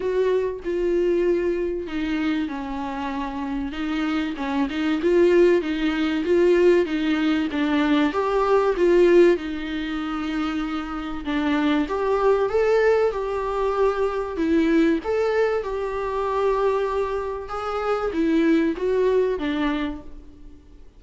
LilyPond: \new Staff \with { instrumentName = "viola" } { \time 4/4 \tempo 4 = 96 fis'4 f'2 dis'4 | cis'2 dis'4 cis'8 dis'8 | f'4 dis'4 f'4 dis'4 | d'4 g'4 f'4 dis'4~ |
dis'2 d'4 g'4 | a'4 g'2 e'4 | a'4 g'2. | gis'4 e'4 fis'4 d'4 | }